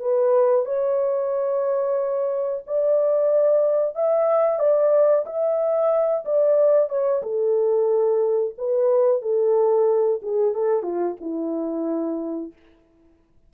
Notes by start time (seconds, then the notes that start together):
0.00 B4
0.65 C#5
2.67 D5
3.95 E5
4.59 D5
5.26 E5
6.25 D5
6.89 C#5
7.23 A4
8.57 B4
9.22 A4
10.22 G#4
10.54 A4
10.83 F4
11.21 E4